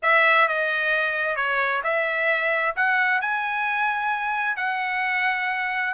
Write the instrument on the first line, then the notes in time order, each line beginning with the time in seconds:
trumpet
0.02 E5
0.47 D#5
1.36 C#5
1.83 E5
2.76 F#5
3.21 G#5
4.56 F#5